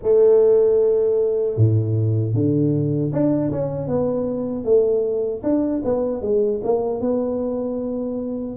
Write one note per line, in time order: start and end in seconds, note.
0.02 1.56 A3
1.56 2.33 A2
2.33 3.11 D3
3.12 3.51 D4
3.51 3.87 C#4
3.87 4.64 B3
4.64 5.42 A3
5.43 5.82 D4
5.84 6.21 B3
6.21 6.60 G#3
6.63 7.00 A#3
7.00 8.56 B3